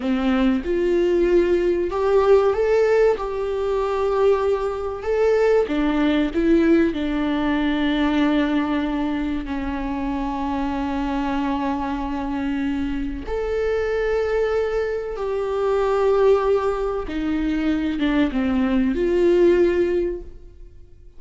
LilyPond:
\new Staff \with { instrumentName = "viola" } { \time 4/4 \tempo 4 = 95 c'4 f'2 g'4 | a'4 g'2. | a'4 d'4 e'4 d'4~ | d'2. cis'4~ |
cis'1~ | cis'4 a'2. | g'2. dis'4~ | dis'8 d'8 c'4 f'2 | }